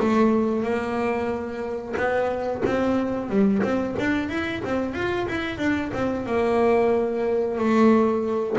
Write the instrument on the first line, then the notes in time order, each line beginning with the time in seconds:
double bass
0.00 A3
0.64 A#3
1.97 B3
2.66 C4
3.30 G3
3.63 C4
4.00 D4
4.29 E4
4.65 C4
4.94 F4
5.28 E4
5.59 D4
5.93 C4
6.26 A#3
7.59 A3